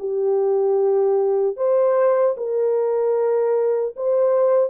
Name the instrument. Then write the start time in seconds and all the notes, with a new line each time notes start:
horn
0.00 G4
1.57 C5
2.37 A#4
3.97 C5